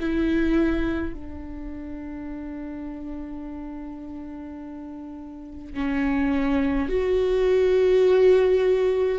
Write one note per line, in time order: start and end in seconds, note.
0.00 1.13 E4
1.13 5.74 D4
5.74 6.89 C#4
6.89 9.18 F#4